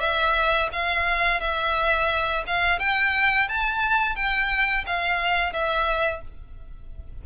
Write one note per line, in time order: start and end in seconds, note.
0.00 0.69 E5
0.72 1.40 F5
1.40 2.44 E5
2.47 2.79 F5
2.79 3.48 G5
3.48 4.16 A5
4.16 4.85 G5
4.86 5.53 F5
5.53 6.22 E5